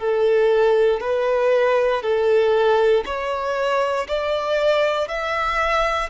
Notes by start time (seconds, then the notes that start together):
0.00 A4
1.01 B4
2.03 A4
3.06 C#5
4.09 D5
5.08 E5